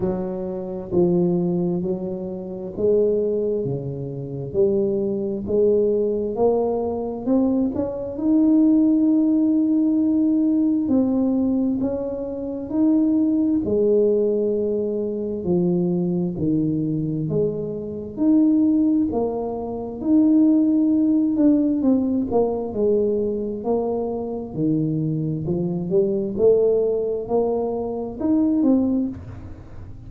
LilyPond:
\new Staff \with { instrumentName = "tuba" } { \time 4/4 \tempo 4 = 66 fis4 f4 fis4 gis4 | cis4 g4 gis4 ais4 | c'8 cis'8 dis'2. | c'4 cis'4 dis'4 gis4~ |
gis4 f4 dis4 gis4 | dis'4 ais4 dis'4. d'8 | c'8 ais8 gis4 ais4 dis4 | f8 g8 a4 ais4 dis'8 c'8 | }